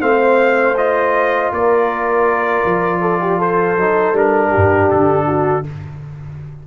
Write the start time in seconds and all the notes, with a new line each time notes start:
0.00 A3 C4 C5 F5
0.77 F4 D#5
1.52 A#3 A#4 D5
2.66 F3
3.01 A4
3.21 G4
3.39 A4 C5
3.78 F#3 D#4
4.13 G3 D4 A#4
4.50 G4
4.57 G2
4.91 D3 A4
5.28 F#4